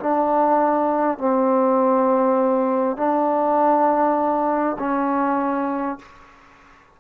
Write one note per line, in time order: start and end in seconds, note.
0.00 1.18 D4
1.18 2.97 C4
2.97 4.77 D4
4.79 5.99 C#4